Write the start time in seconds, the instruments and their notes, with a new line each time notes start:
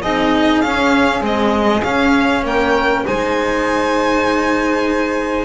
0.00 double bass C4, cello D#4, saxophone G#4, violin D#5
0.61 double bass C#4, cello C#4, violin F5
1.21 cello G#3, double bass C4, violin D#5
1.83 double bass C#4, cello C#4, violin F5
2.43 double bass A#3, saxophone A#4, violin G5
3.05 double bass G#3, cello D#4, saxophone C5, violin G#5